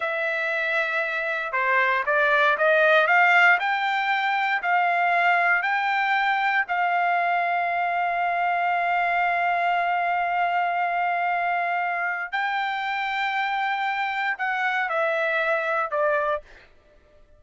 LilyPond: \new Staff \with { instrumentName = "trumpet" } { \time 4/4 \tempo 4 = 117 e''2. c''4 | d''4 dis''4 f''4 g''4~ | g''4 f''2 g''4~ | g''4 f''2.~ |
f''1~ | f''1 | g''1 | fis''4 e''2 d''4 | }